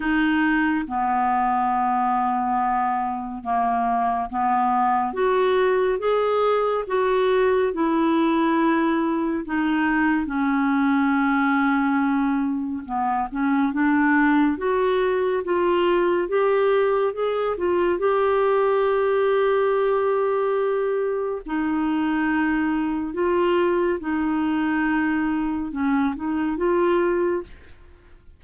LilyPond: \new Staff \with { instrumentName = "clarinet" } { \time 4/4 \tempo 4 = 70 dis'4 b2. | ais4 b4 fis'4 gis'4 | fis'4 e'2 dis'4 | cis'2. b8 cis'8 |
d'4 fis'4 f'4 g'4 | gis'8 f'8 g'2.~ | g'4 dis'2 f'4 | dis'2 cis'8 dis'8 f'4 | }